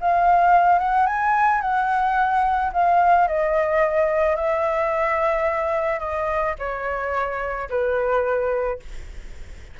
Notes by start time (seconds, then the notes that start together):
0.00 F5
0.78 F#5
1.06 G#5
1.61 F#5
2.72 F5
3.27 D#5
4.36 E5
5.99 D#5
6.58 C#5
7.69 B4